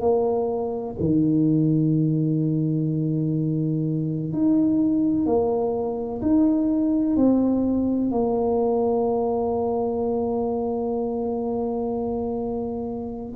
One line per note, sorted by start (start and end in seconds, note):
0.00 0.95 A#3
0.99 4.32 D#3
4.32 5.26 D#4
5.26 6.21 A#3
6.21 7.16 D#4
7.16 8.11 C4
8.11 13.35 A#3